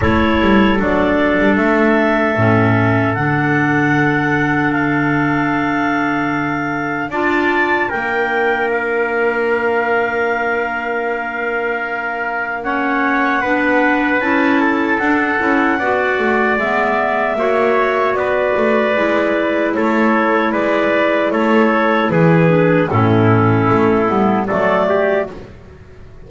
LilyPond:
<<
  \new Staff \with { instrumentName = "clarinet" } { \time 4/4 \tempo 4 = 76 cis''4 d''4 e''2 | fis''2 f''2~ | f''4 a''4 g''4 f''4~ | f''1 |
fis''2 a''4 fis''4~ | fis''4 e''2 d''4~ | d''4 cis''4 d''4 cis''4 | b'4 a'2 d''4 | }
  \new Staff \with { instrumentName = "trumpet" } { \time 4/4 a'1~ | a'1~ | a'4 d''4 ais'2~ | ais'1 |
cis''4 b'4. a'4. | d''2 cis''4 b'4~ | b'4 a'4 b'4 a'4 | gis'4 e'2 a'8 g'8 | }
  \new Staff \with { instrumentName = "clarinet" } { \time 4/4 e'4 d'2 cis'4 | d'1~ | d'4 f'4 d'2~ | d'1 |
cis'4 d'4 e'4 d'8 e'8 | fis'4 b4 fis'2 | e'1~ | e'8 d'8 cis'4. b8 a4 | }
  \new Staff \with { instrumentName = "double bass" } { \time 4/4 a8 g8 fis8. g16 a4 a,4 | d1~ | d4 d'4 ais2~ | ais1~ |
ais4 b4 cis'4 d'8 cis'8 | b8 a8 gis4 ais4 b8 a8 | gis4 a4 gis4 a4 | e4 a,4 a8 g8 fis4 | }
>>